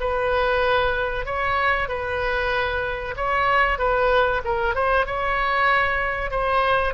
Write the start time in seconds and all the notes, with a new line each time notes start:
0.00 B4
1.25 C#5
1.88 B4
3.16 C#5
3.79 B4
4.44 A#4
4.75 C5
5.06 C#5
6.31 C5